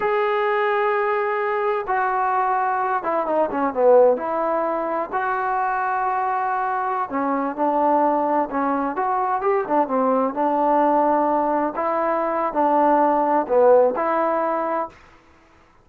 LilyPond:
\new Staff \with { instrumentName = "trombone" } { \time 4/4 \tempo 4 = 129 gis'1 | fis'2~ fis'8 e'8 dis'8 cis'8 | b4 e'2 fis'4~ | fis'2.~ fis'16 cis'8.~ |
cis'16 d'2 cis'4 fis'8.~ | fis'16 g'8 d'8 c'4 d'4.~ d'16~ | d'4~ d'16 e'4.~ e'16 d'4~ | d'4 b4 e'2 | }